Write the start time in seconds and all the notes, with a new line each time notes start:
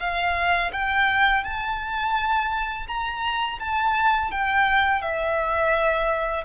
0.00 F5
0.73 G5
1.44 A5
2.88 A#5
3.60 A5
4.32 G5
5.02 E5